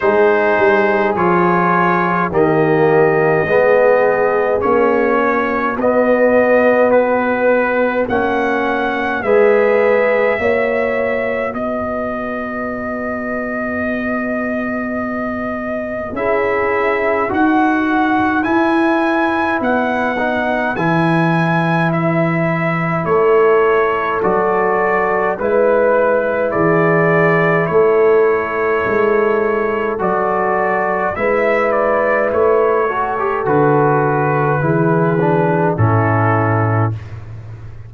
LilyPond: <<
  \new Staff \with { instrumentName = "trumpet" } { \time 4/4 \tempo 4 = 52 c''4 cis''4 dis''2 | cis''4 dis''4 b'4 fis''4 | e''2 dis''2~ | dis''2 e''4 fis''4 |
gis''4 fis''4 gis''4 e''4 | cis''4 d''4 b'4 d''4 | cis''2 d''4 e''8 d''8 | cis''4 b'2 a'4 | }
  \new Staff \with { instrumentName = "horn" } { \time 4/4 gis'2 g'4 gis'4~ | gis'8 fis'2.~ fis'8 | b'4 cis''4 b'2~ | b'2 gis'4 b'4~ |
b'1 | a'2 b'4 gis'4 | a'2. b'4~ | b'8 a'4. gis'4 e'4 | }
  \new Staff \with { instrumentName = "trombone" } { \time 4/4 dis'4 f'4 ais4 b4 | cis'4 b2 cis'4 | gis'4 fis'2.~ | fis'2 e'4 fis'4 |
e'4. dis'8 e'2~ | e'4 fis'4 e'2~ | e'2 fis'4 e'4~ | e'8 fis'16 g'16 fis'4 e'8 d'8 cis'4 | }
  \new Staff \with { instrumentName = "tuba" } { \time 4/4 gis8 g8 f4 dis4 gis4 | ais4 b2 ais4 | gis4 ais4 b2~ | b2 cis'4 dis'4 |
e'4 b4 e2 | a4 fis4 gis4 e4 | a4 gis4 fis4 gis4 | a4 d4 e4 a,4 | }
>>